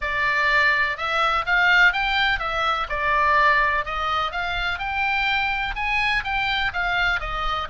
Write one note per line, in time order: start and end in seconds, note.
0.01 0.97 D5
0.97 1.45 E5
1.46 1.92 F5
1.92 2.39 G5
2.39 2.87 E5
2.89 3.85 D5
3.85 4.31 D#5
4.31 4.78 F5
4.78 5.74 G5
5.75 6.23 G#5
6.24 6.72 G5
6.73 7.20 F5
7.20 7.68 D#5